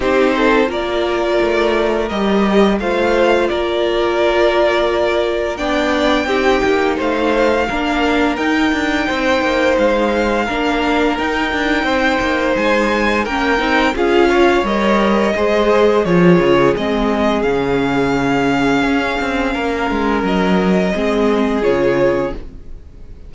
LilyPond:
<<
  \new Staff \with { instrumentName = "violin" } { \time 4/4 \tempo 4 = 86 c''4 d''2 dis''4 | f''4 d''2. | g''2 f''2 | g''2 f''2 |
g''2 gis''4 g''4 | f''4 dis''2 cis''4 | dis''4 f''2.~ | f''4 dis''2 cis''4 | }
  \new Staff \with { instrumentName = "violin" } { \time 4/4 g'8 a'8 ais'2. | c''4 ais'2. | d''4 g'4 c''4 ais'4~ | ais'4 c''2 ais'4~ |
ais'4 c''2 ais'4 | gis'8 cis''4. c''4 gis'4~ | gis'1 | ais'2 gis'2 | }
  \new Staff \with { instrumentName = "viola" } { \time 4/4 dis'4 f'2 g'4 | f'1 | d'4 dis'2 d'4 | dis'2. d'4 |
dis'2. cis'8 dis'8 | f'4 ais'4 gis'4 f'4 | c'4 cis'2.~ | cis'2 c'4 f'4 | }
  \new Staff \with { instrumentName = "cello" } { \time 4/4 c'4 ais4 a4 g4 | a4 ais2. | b4 c'8 ais8 a4 ais4 | dis'8 d'8 c'8 ais8 gis4 ais4 |
dis'8 d'8 c'8 ais8 gis4 ais8 c'8 | cis'4 g4 gis4 f8 cis8 | gis4 cis2 cis'8 c'8 | ais8 gis8 fis4 gis4 cis4 | }
>>